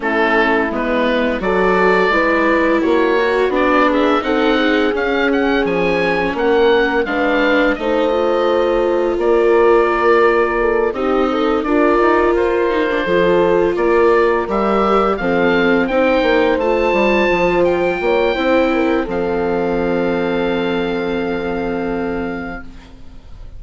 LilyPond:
<<
  \new Staff \with { instrumentName = "oboe" } { \time 4/4 \tempo 4 = 85 a'4 b'4 d''2 | cis''4 d''8 e''8 fis''4 f''8 fis''8 | gis''4 fis''4 f''4 dis''4~ | dis''4 d''2~ d''8 dis''8~ |
dis''8 d''4 c''2 d''8~ | d''8 e''4 f''4 g''4 a''8~ | a''4 g''2 f''4~ | f''1 | }
  \new Staff \with { instrumentName = "horn" } { \time 4/4 e'2 a'4 b'4 | fis'4. gis'8 a'8 gis'4.~ | gis'4 ais'4 b'4 c''4~ | c''4 ais'2 a'8 g'8 |
a'8 ais'2 a'4 ais'8~ | ais'4. a'4 c''4.~ | c''4. cis''8 c''8 ais'8 a'4~ | a'1 | }
  \new Staff \with { instrumentName = "viola" } { \time 4/4 cis'4 b4 fis'4 e'4~ | e'8 fis'8 d'4 dis'4 cis'4~ | cis'2 d'4 dis'8 f'8~ | f'2.~ f'8 dis'8~ |
dis'8 f'4. dis'16 d'16 f'4.~ | f'8 g'4 c'4 dis'4 f'8~ | f'2 e'4 c'4~ | c'1 | }
  \new Staff \with { instrumentName = "bassoon" } { \time 4/4 a4 gis4 fis4 gis4 | ais4 b4 c'4 cis'4 | f4 ais4 gis4 a4~ | a4 ais2~ ais8 c'8~ |
c'8 d'8 dis'8 f'4 f4 ais8~ | ais8 g4 f4 c'8 ais8 a8 | g8 f4 ais8 c'4 f4~ | f1 | }
>>